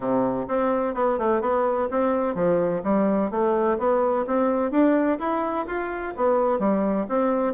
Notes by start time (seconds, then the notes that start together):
0.00 C3
0.48 C4
0.94 B3
1.18 A3
1.41 B3
1.90 C4
2.34 F3
2.83 G3
3.30 A3
3.78 B3
4.26 C4
4.71 D4
5.19 E4
5.66 F4
6.16 B3
6.59 G3
7.09 C4